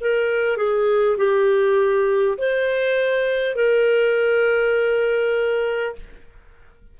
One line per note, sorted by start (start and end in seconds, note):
0.00 0.57 A#4
0.57 1.17 G#4
1.17 2.37 G4
2.37 3.55 C5
3.55 5.95 A#4